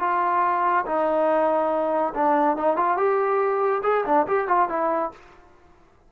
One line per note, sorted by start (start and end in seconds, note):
0.00 0.85 F4
0.86 2.14 D#4
2.14 2.57 D4
2.57 2.77 D#4
2.77 2.97 F4
2.97 3.82 G4
3.83 4.05 G#4
4.06 4.27 D4
4.27 4.48 G4
4.48 4.69 F4
4.69 5.12 E4